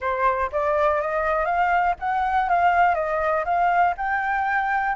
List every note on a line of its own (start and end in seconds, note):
0.00 0.50 C5
0.51 1.01 D5
1.01 1.45 D#5
1.45 1.95 F5
1.99 2.49 F#5
2.49 2.94 F5
2.94 3.44 D#5
3.45 3.94 F5
3.97 4.95 G5